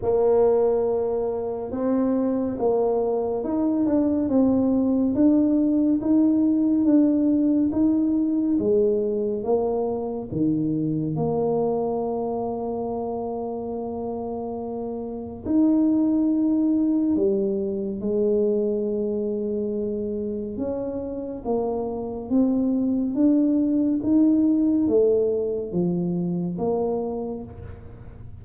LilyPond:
\new Staff \with { instrumentName = "tuba" } { \time 4/4 \tempo 4 = 70 ais2 c'4 ais4 | dis'8 d'8 c'4 d'4 dis'4 | d'4 dis'4 gis4 ais4 | dis4 ais2.~ |
ais2 dis'2 | g4 gis2. | cis'4 ais4 c'4 d'4 | dis'4 a4 f4 ais4 | }